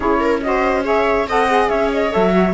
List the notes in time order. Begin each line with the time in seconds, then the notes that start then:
0.00 C#4 E4 G#4 C#5
0.19 A#4
0.41 F#4 C5 D#5
0.84 G#4 C#5 E5
1.26 C4 A4 D#5 F#5
1.48 G#4
1.68 C#4 C#5 E5
1.93 D#5
2.10 F#3 A4 E5
2.32 F#4